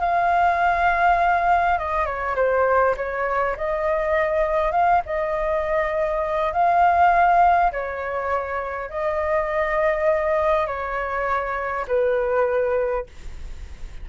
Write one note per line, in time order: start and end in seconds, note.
0.00 1.78 F5
1.78 2.05 D#5
2.05 2.35 C#5
2.36 2.95 C5
2.96 3.56 C#5
3.56 4.72 D#5
4.72 5.01 F5
5.05 6.53 D#5
6.53 7.71 F5
7.72 8.89 C#5
8.89 10.67 D#5
10.67 11.85 C#5
11.88 13.06 B4